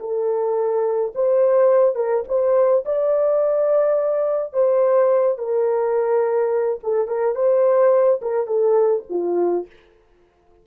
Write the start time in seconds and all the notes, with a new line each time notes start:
0.00 A4
1.15 C5
1.96 A#4
2.28 C5
2.86 D5
4.53 C5
5.38 A#4
6.83 A4
7.08 A#4
7.36 C5
8.22 A#4
8.47 A4
9.10 F4